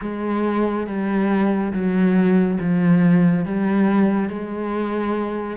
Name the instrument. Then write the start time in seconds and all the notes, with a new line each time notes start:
cello
0.01 G#3
0.86 G3
1.72 F#3
2.59 F3
3.45 G3
4.29 G#3